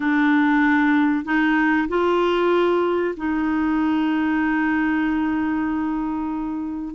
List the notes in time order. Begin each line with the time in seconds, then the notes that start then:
0.00 D4
1.24 D#4
1.88 F4
3.16 D#4